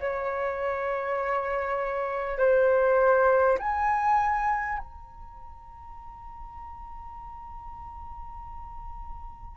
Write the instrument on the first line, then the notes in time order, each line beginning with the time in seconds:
flute
0.00 C#5
2.38 C5
3.58 G#5
4.78 A#5